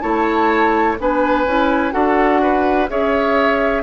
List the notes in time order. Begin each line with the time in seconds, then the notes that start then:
0.00 A3 E4 C#5 A5
0.99 B3 D4 B4 G#5
1.45 C#4 E4
1.91 D4 F#4 A4 F#5
2.42 B4
2.88 C#4 G#4 C#5 E5